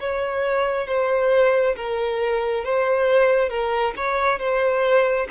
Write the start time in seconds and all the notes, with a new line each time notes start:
0.00 C#5
0.88 C5
1.76 A#4
2.65 C5
3.50 A#4
3.97 C#5
4.40 C5